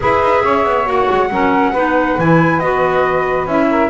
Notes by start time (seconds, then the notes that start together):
0.00 E4 G#4 B4 E5
0.21 D#4
0.43 C#4 C#5
0.65 B3
0.85 A#3 F#4 F#5
1.10 G#3
1.29 F#3 C#4 A#4
1.71 B3 D#4 B4
2.18 E3 E4 G#5
2.59 B3 F#4 D#5
3.45 C#4 E4 E5
3.70 A#4